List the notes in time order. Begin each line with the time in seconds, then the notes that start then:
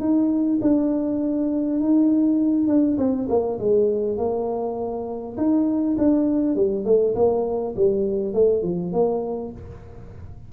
0.00 D#4
0.62 D4
1.80 D#4
2.68 D4
2.98 C4
3.29 A#3
3.59 G#3
4.18 A#3
5.37 D#4
5.98 D4
6.56 G3
6.85 A3
7.15 A#3
7.76 G3
8.34 A3
8.63 F3
8.93 A#3